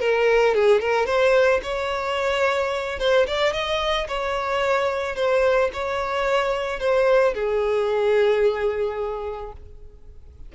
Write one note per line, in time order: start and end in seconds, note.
0.00 0.55 A#4
0.55 0.80 G#4
0.80 1.06 A#4
1.06 1.61 C5
1.63 3.00 C#5
3.00 3.27 C5
3.27 3.53 D5
3.53 4.07 D#5
4.08 5.16 C#5
5.16 5.70 C5
5.74 6.80 C#5
6.80 7.34 C5
7.34 9.53 G#4